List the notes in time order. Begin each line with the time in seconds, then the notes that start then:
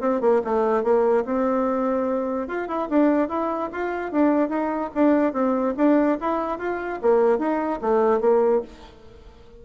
0.00 C4
0.21 A#3
0.44 A3
0.83 A#3
1.25 C4
2.48 F4
2.68 E4
2.89 D4
3.28 E4
3.72 F4
4.11 D4
4.49 D#4
4.94 D4
5.33 C4
5.77 D4
6.20 E4
6.58 F4
7.02 A#3
7.38 D#4
7.81 A3
8.20 A#3